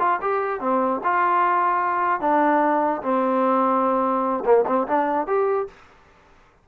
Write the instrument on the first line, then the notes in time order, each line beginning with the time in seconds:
trombone
0.00 F4
0.22 G4
0.61 C4
1.04 F4
2.21 D4
3.03 C4
4.45 A#3
4.67 C4
4.88 D4
5.27 G4